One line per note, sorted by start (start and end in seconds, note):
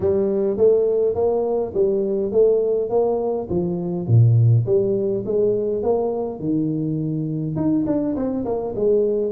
0.00 0.57 G3
0.57 1.14 A3
1.14 1.73 A#3
1.73 2.31 G3
2.31 2.89 A3
2.89 3.48 A#3
3.50 4.07 F3
4.07 4.65 A#2
4.66 5.24 G3
5.25 5.83 G#3
5.83 6.39 A#3
6.39 7.56 D#3
7.56 7.85 D#4
7.86 8.15 D4
8.16 8.45 C4
8.45 8.74 A#3
8.75 9.31 G#3